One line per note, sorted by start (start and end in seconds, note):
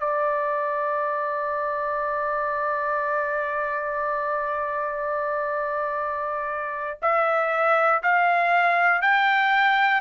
0.00 7.00 D5
7.03 8.03 E5
8.03 9.02 F5
9.02 10.01 G5